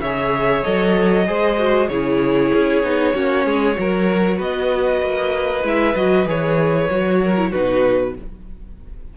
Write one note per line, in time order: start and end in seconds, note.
0.00 0.62 C#3
0.00 1.27 C#5
0.00 0.64 E5
0.07 0.64 G#4
0.64 1.28 F#3
0.64 1.26 A4
0.64 1.89 D#5
1.26 1.90 G#3
1.26 1.58 G#4
1.26 1.90 C5
1.58 1.89 F#4
1.89 2.52 C#3
1.89 2.84 E4
1.89 3.15 G#4
1.89 4.39 C#5
2.54 2.83 C#4
2.83 3.14 B3
2.83 3.15 D#4
3.15 3.46 A#3
3.15 3.75 C#4
3.15 3.46 F#4
3.46 3.77 G#3
3.46 3.77 G#4
3.75 4.40 F#3
3.75 5.62 F#4
3.75 4.38 A#4
4.38 5.02 B3
4.38 7.19 B4
4.38 5.67 D#5
5.02 5.64 A#3
5.64 5.95 G#3
5.64 5.96 E4
5.64 5.96 E5
5.96 6.27 F#3
5.96 6.26 F#4
5.96 6.27 D#5
6.26 6.89 E3
6.26 6.89 G#4
6.26 7.52 C#5
6.90 7.53 F#3
6.90 7.37 F#4
7.23 7.51 A#4
7.38 7.53 E4
7.51 8.18 B2
7.51 8.16 D#4
7.51 8.14 F#4
7.51 8.15 B4